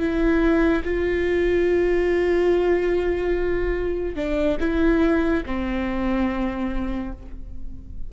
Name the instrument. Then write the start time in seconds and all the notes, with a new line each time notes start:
viola
0.00 E4
0.84 F4
4.16 D4
4.61 E4
5.46 C4